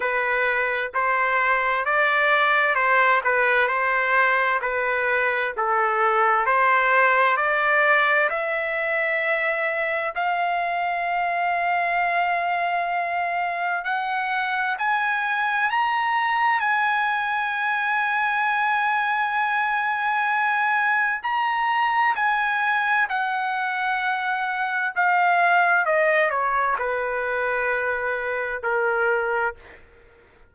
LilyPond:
\new Staff \with { instrumentName = "trumpet" } { \time 4/4 \tempo 4 = 65 b'4 c''4 d''4 c''8 b'8 | c''4 b'4 a'4 c''4 | d''4 e''2 f''4~ | f''2. fis''4 |
gis''4 ais''4 gis''2~ | gis''2. ais''4 | gis''4 fis''2 f''4 | dis''8 cis''8 b'2 ais'4 | }